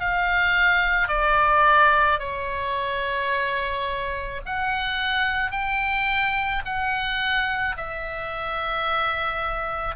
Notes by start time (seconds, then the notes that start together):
0.00 F5
1.08 D5
2.19 C#5
4.45 F#5
5.51 G5
6.65 F#5
7.77 E5